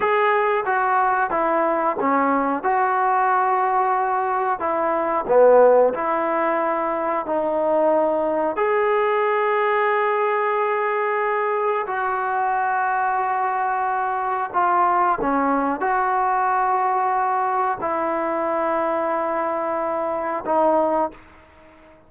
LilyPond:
\new Staff \with { instrumentName = "trombone" } { \time 4/4 \tempo 4 = 91 gis'4 fis'4 e'4 cis'4 | fis'2. e'4 | b4 e'2 dis'4~ | dis'4 gis'2.~ |
gis'2 fis'2~ | fis'2 f'4 cis'4 | fis'2. e'4~ | e'2. dis'4 | }